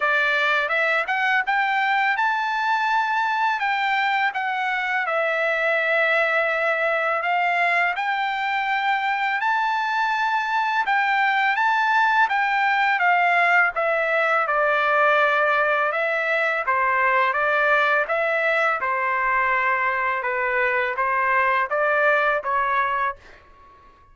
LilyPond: \new Staff \with { instrumentName = "trumpet" } { \time 4/4 \tempo 4 = 83 d''4 e''8 fis''8 g''4 a''4~ | a''4 g''4 fis''4 e''4~ | e''2 f''4 g''4~ | g''4 a''2 g''4 |
a''4 g''4 f''4 e''4 | d''2 e''4 c''4 | d''4 e''4 c''2 | b'4 c''4 d''4 cis''4 | }